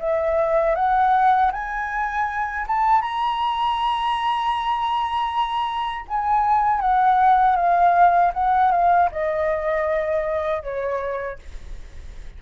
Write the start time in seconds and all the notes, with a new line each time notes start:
0.00 E5
0.76 F#5
1.52 G#5
2.68 A5
3.02 A#5
6.09 G#5
6.81 F#5
7.56 F5
8.34 F#5
8.72 F5
9.12 D#5
10.63 C#5